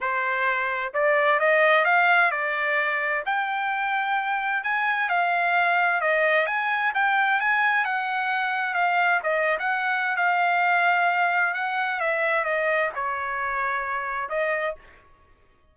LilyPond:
\new Staff \with { instrumentName = "trumpet" } { \time 4/4 \tempo 4 = 130 c''2 d''4 dis''4 | f''4 d''2 g''4~ | g''2 gis''4 f''4~ | f''4 dis''4 gis''4 g''4 |
gis''4 fis''2 f''4 | dis''8. fis''4~ fis''16 f''2~ | f''4 fis''4 e''4 dis''4 | cis''2. dis''4 | }